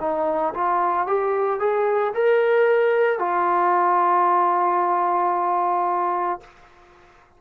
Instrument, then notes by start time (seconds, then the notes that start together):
trombone
0.00 D#4
0.54 F4
1.07 G4
1.60 G#4
2.14 A#4
3.19 F4